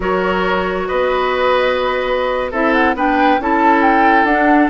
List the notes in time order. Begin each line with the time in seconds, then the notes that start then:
0.00 F#3 F#4 A#4 C#5
0.87 B3 B4 D#5
2.51 C4 E4 A4 E5
2.73 F#5
2.94 B3 D4 B4 G5
3.39 C#4 E4 A4 A5
3.82 G5
4.24 D4 F#5